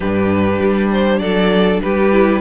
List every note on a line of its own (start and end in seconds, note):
0.00 0.59 G2
0.00 2.11 D4
0.00 1.21 G4
0.00 0.90 B4
0.59 1.20 G3
0.91 1.19 C5
1.19 1.80 F#3
1.19 1.82 A4
1.19 1.79 D5
1.81 2.41 G3
1.81 2.41 G4
1.81 2.41 B4
2.11 2.41 E4